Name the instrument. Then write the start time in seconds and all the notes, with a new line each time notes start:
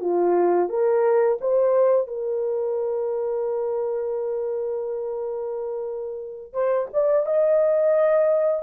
horn
0.00 F4
0.69 A#4
1.40 C5
2.07 A#4
6.53 C5
6.93 D5
7.25 D#5